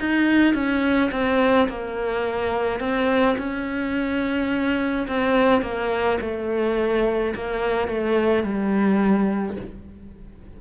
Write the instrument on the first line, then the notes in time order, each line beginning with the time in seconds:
cello
0.00 D#4
0.55 C#4
1.12 C4
1.69 A#3
2.80 C4
3.38 C#4
5.08 C4
5.62 A#3
6.21 A3
7.35 A#3
7.88 A3
8.43 G3